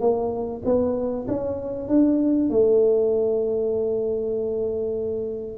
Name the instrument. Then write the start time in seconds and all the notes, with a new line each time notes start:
tuba
0.00 A#3
0.65 B3
1.27 C#4
1.88 D4
2.50 A3